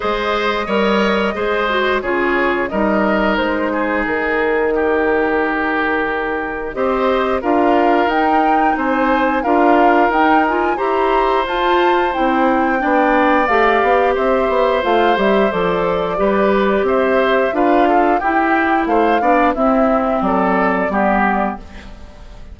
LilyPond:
<<
  \new Staff \with { instrumentName = "flute" } { \time 4/4 \tempo 4 = 89 dis''2. cis''4 | dis''4 c''4 ais'2~ | ais'2 dis''4 f''4 | g''4 gis''4 f''4 g''8 gis''8 |
ais''4 a''4 g''2 | f''4 e''4 f''8 e''8 d''4~ | d''4 e''4 f''4 g''4 | f''4 e''4 d''2 | }
  \new Staff \with { instrumentName = "oboe" } { \time 4/4 c''4 cis''4 c''4 gis'4 | ais'4. gis'4. g'4~ | g'2 c''4 ais'4~ | ais'4 c''4 ais'2 |
c''2. d''4~ | d''4 c''2. | b'4 c''4 b'8 a'8 g'4 | c''8 d''8 e'4 a'4 g'4 | }
  \new Staff \with { instrumentName = "clarinet" } { \time 4/4 gis'4 ais'4 gis'8 fis'8 f'4 | dis'1~ | dis'2 g'4 f'4 | dis'2 f'4 dis'8 f'8 |
g'4 f'4 e'4 d'4 | g'2 f'8 g'8 a'4 | g'2 f'4 e'4~ | e'8 d'8 c'2 b4 | }
  \new Staff \with { instrumentName = "bassoon" } { \time 4/4 gis4 g4 gis4 cis4 | g4 gis4 dis2~ | dis2 c'4 d'4 | dis'4 c'4 d'4 dis'4 |
e'4 f'4 c'4 b4 | a8 b8 c'8 b8 a8 g8 f4 | g4 c'4 d'4 e'4 | a8 b8 c'4 fis4 g4 | }
>>